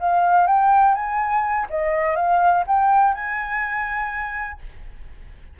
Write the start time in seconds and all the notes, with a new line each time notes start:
0.00 F5
0.47 G5
0.95 G#5
1.70 D#5
2.16 F5
2.67 G5
3.14 G#5